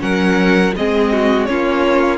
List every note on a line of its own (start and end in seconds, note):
0.00 0.74 F#3
0.00 0.72 C#4
0.00 0.76 A#4
0.00 0.74 F#5
0.77 1.49 G#3
0.77 1.49 C4
0.77 1.13 G#4
0.77 1.45 D#5
1.13 1.49 F#4
1.45 2.18 A#3
1.45 2.18 C#4
1.45 2.18 F4
1.45 2.18 C#5